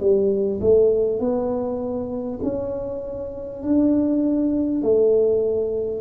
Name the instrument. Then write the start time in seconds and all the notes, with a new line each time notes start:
tuba
0.00 G3
0.61 A3
1.19 B3
2.43 C#4
3.62 D4
4.82 A3